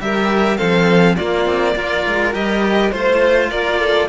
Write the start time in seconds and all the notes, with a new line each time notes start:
0.00 G3 G4 A#4 E5
0.57 F3 C4 A4 F5
1.16 A#3 F4 D5
1.45 C4
1.75 A#3 F4 A#4
2.07 G#3
2.33 G3 G4 D#5
2.91 A3 F4 C5
3.50 A#3 A#4 D5
3.79 A4